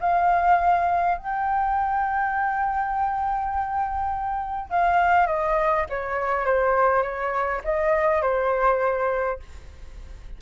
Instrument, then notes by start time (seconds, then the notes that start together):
flute
0.00 F5
1.17 G5
4.70 F5
5.26 D#5
5.89 C#5
6.45 C5
7.02 C#5
7.64 D#5
8.21 C5